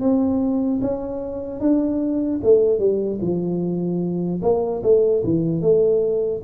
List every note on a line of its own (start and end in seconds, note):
0.00 0.80 C4
0.81 1.60 C#4
1.60 2.40 D4
2.43 2.79 A3
2.79 3.19 G3
3.21 4.41 F3
4.42 4.82 A#3
4.83 5.23 A3
5.24 5.61 E3
5.61 6.41 A3